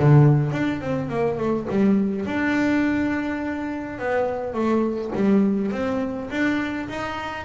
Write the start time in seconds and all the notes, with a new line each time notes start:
0.00 D3
0.53 D4
0.82 C4
1.10 A#3
1.38 A3
1.70 G3
2.26 D4
3.99 B3
4.54 A3
5.16 G3
5.72 C4
6.31 D4
6.89 D#4